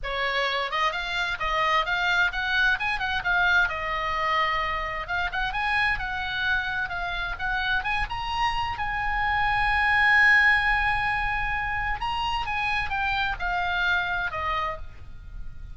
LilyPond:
\new Staff \with { instrumentName = "oboe" } { \time 4/4 \tempo 4 = 130 cis''4. dis''8 f''4 dis''4 | f''4 fis''4 gis''8 fis''8 f''4 | dis''2. f''8 fis''8 | gis''4 fis''2 f''4 |
fis''4 gis''8 ais''4. gis''4~ | gis''1~ | gis''2 ais''4 gis''4 | g''4 f''2 dis''4 | }